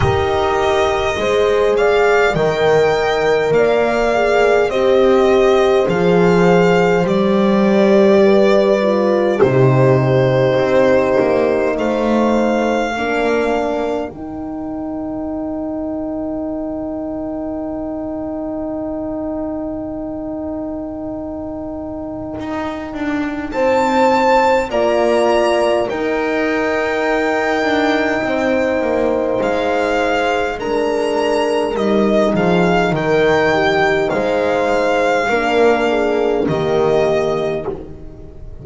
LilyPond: <<
  \new Staff \with { instrumentName = "violin" } { \time 4/4 \tempo 4 = 51 dis''4. f''8 g''4 f''4 | dis''4 f''4 d''2 | c''2 f''2 | g''1~ |
g''1 | a''4 ais''4 g''2~ | g''4 f''4 ais''4 dis''8 f''8 | g''4 f''2 dis''4 | }
  \new Staff \with { instrumentName = "horn" } { \time 4/4 ais'4 c''8 d''8 dis''4 d''4 | c''2. b'4 | g'2 c''4 ais'4~ | ais'1~ |
ais'1 | c''4 d''4 ais'2 | c''2 ais'4. gis'8 | ais'8 g'8 c''4 ais'8 gis'8 g'4 | }
  \new Staff \with { instrumentName = "horn" } { \time 4/4 g'4 gis'4 ais'4. gis'8 | g'4 gis'4 g'4. f'8 | dis'2. d'4 | dis'1~ |
dis'1~ | dis'4 f'4 dis'2~ | dis'2 d'4 dis'4~ | dis'2 d'4 ais4 | }
  \new Staff \with { instrumentName = "double bass" } { \time 4/4 dis'4 gis4 dis4 ais4 | c'4 f4 g2 | c4 c'8 ais8 a4 ais4 | dis1~ |
dis2. dis'8 d'8 | c'4 ais4 dis'4. d'8 | c'8 ais8 gis2 g8 f8 | dis4 gis4 ais4 dis4 | }
>>